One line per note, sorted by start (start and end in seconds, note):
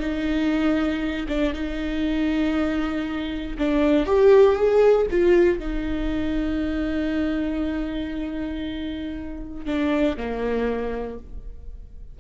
0.00 1.27 D#4
1.29 1.54 D4
1.54 3.57 D#4
3.58 4.06 D4
4.06 4.56 G4
4.56 5.07 G#4
5.11 5.59 F4
5.59 9.66 D#4
9.66 10.17 D4
10.17 11.19 A#3